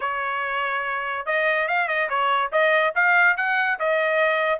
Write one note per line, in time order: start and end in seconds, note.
0.00 1.25 C#5
1.26 1.67 D#5
1.67 1.88 F5
1.88 2.09 D#5
2.09 2.51 C#5
2.52 2.94 D#5
2.95 3.36 F5
3.36 3.78 F#5
3.79 4.59 D#5